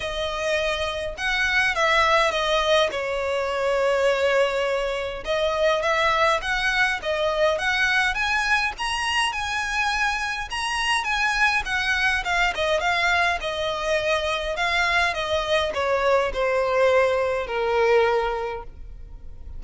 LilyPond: \new Staff \with { instrumentName = "violin" } { \time 4/4 \tempo 4 = 103 dis''2 fis''4 e''4 | dis''4 cis''2.~ | cis''4 dis''4 e''4 fis''4 | dis''4 fis''4 gis''4 ais''4 |
gis''2 ais''4 gis''4 | fis''4 f''8 dis''8 f''4 dis''4~ | dis''4 f''4 dis''4 cis''4 | c''2 ais'2 | }